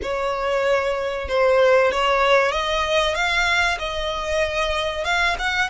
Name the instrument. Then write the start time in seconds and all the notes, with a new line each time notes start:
violin
0.02 C#5
1.28 C5
1.91 C#5
2.51 D#5
3.14 F5
3.79 D#5
5.04 F5
5.38 F#5